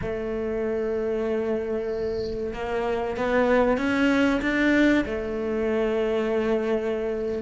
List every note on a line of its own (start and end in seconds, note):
0.01 2.53 A3
2.53 3.16 A#3
3.16 3.77 B3
3.77 4.40 C#4
4.41 5.04 D4
5.05 7.42 A3